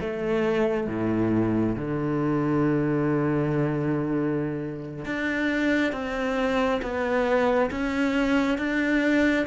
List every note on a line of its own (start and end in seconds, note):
0.00 0.87 A3
0.87 1.75 A2
1.75 5.05 D3
5.05 5.92 D4
5.92 6.81 C4
6.82 7.70 B3
7.70 8.58 C#4
8.58 9.46 D4